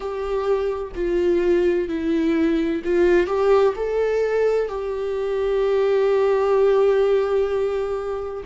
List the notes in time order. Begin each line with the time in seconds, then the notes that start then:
0.00 G4
0.95 F4
1.88 E4
2.84 F4
3.26 G4
3.76 A4
4.68 G4